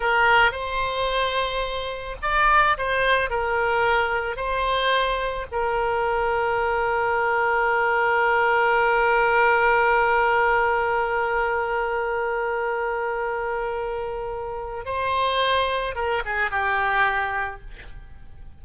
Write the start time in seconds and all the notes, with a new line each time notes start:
0.00 A#4
0.51 C5
2.22 D5
2.77 C5
3.30 A#4
4.36 C5
5.51 A#4
14.85 C5
15.95 A#4
16.25 G#4
16.50 G4